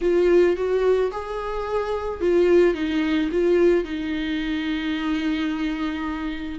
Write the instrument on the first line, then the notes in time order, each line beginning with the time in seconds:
viola
0.01 F4
0.56 F#4
1.11 G#4
2.20 F4
2.74 D#4
3.31 F4
3.84 D#4